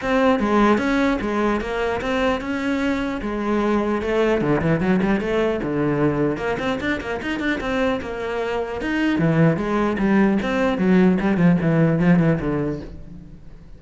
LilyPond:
\new Staff \with { instrumentName = "cello" } { \time 4/4 \tempo 4 = 150 c'4 gis4 cis'4 gis4 | ais4 c'4 cis'2 | gis2 a4 d8 e8 | fis8 g8 a4 d2 |
ais8 c'8 d'8 ais8 dis'8 d'8 c'4 | ais2 dis'4 e4 | gis4 g4 c'4 fis4 | g8 f8 e4 f8 e8 d4 | }